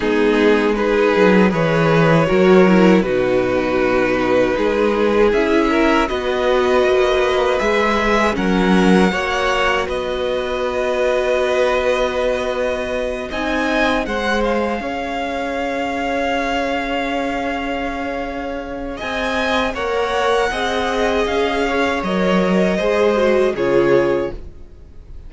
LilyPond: <<
  \new Staff \with { instrumentName = "violin" } { \time 4/4 \tempo 4 = 79 gis'4 b'4 cis''2 | b'2. e''4 | dis''2 e''4 fis''4~ | fis''4 dis''2.~ |
dis''4. gis''4 fis''8 f''4~ | f''1~ | f''4 gis''4 fis''2 | f''4 dis''2 cis''4 | }
  \new Staff \with { instrumentName = "violin" } { \time 4/4 dis'4 gis'4 b'4 ais'4 | fis'2 gis'4. ais'8 | b'2. ais'4 | cis''4 b'2.~ |
b'4. dis''4 c''4 cis''8~ | cis''1~ | cis''4 dis''4 cis''4 dis''4~ | dis''8 cis''4. c''4 gis'4 | }
  \new Staff \with { instrumentName = "viola" } { \time 4/4 b4 dis'4 gis'4 fis'8 e'8 | dis'2. e'4 | fis'2 gis'4 cis'4 | fis'1~ |
fis'4. dis'4 gis'4.~ | gis'1~ | gis'2 ais'4 gis'4~ | gis'4 ais'4 gis'8 fis'8 f'4 | }
  \new Staff \with { instrumentName = "cello" } { \time 4/4 gis4. fis8 e4 fis4 | b,2 gis4 cis'4 | b4 ais4 gis4 fis4 | ais4 b2.~ |
b4. c'4 gis4 cis'8~ | cis'1~ | cis'4 c'4 ais4 c'4 | cis'4 fis4 gis4 cis4 | }
>>